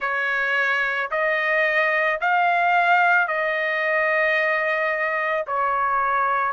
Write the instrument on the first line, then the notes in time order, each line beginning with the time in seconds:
trumpet
0.00 C#5
1.11 D#5
2.20 F5
3.27 D#5
5.46 C#5